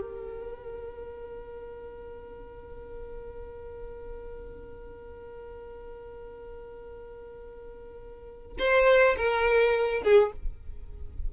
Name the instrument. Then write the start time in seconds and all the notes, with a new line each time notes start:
violin
0.00 A#4
8.58 C5
9.17 A#4
10.03 G#4